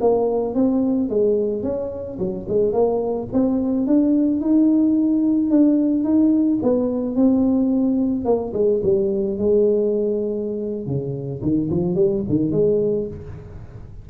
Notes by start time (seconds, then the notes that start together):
0.00 A#3
0.54 C4
1.09 G#3
1.63 C#4
2.18 F#3
2.48 G#3
2.73 A#3
3.33 C4
3.87 D4
4.41 D#4
5.50 D4
6.04 D#4
6.62 B3
7.16 C4
8.25 A#3
8.53 G#3
8.83 G3
9.38 G#3
10.86 C#3
11.42 D#3
11.70 F3
11.95 G3
12.29 D#3
12.52 G#3